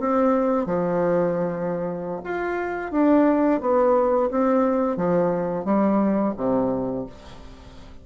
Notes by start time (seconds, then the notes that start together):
0.00 C4
0.66 F3
2.24 F4
2.92 D4
3.61 B3
4.31 C4
4.97 F3
5.65 G3
6.37 C3